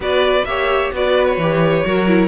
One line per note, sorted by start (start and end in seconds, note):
0.00 0.42 B3
0.00 0.47 F#4
0.00 0.47 B4
0.00 0.44 D5
0.44 0.91 A#3
0.44 0.93 G4
0.44 0.94 C#5
0.44 0.91 E5
0.92 1.37 B3
0.92 1.40 F#4
0.92 1.86 B4
0.92 1.25 D5
1.25 2.27 C#5
1.37 1.83 E3
1.37 1.85 G4
1.85 2.27 F#3
1.85 2.07 F#4
1.85 2.27 A#4
2.07 2.27 E4